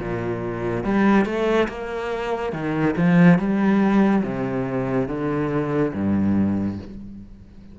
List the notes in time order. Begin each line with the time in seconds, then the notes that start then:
0.00 A#2
0.85 G3
1.26 A3
1.69 A#3
2.53 D#3
2.97 F3
3.39 G3
4.24 C3
5.09 D3
5.94 G2